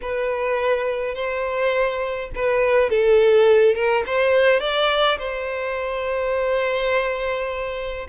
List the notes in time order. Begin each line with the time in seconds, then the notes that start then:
0.01 B4
1.14 C5
2.35 B4
2.90 A4
3.74 A#4
4.06 C5
4.60 D5
5.18 C5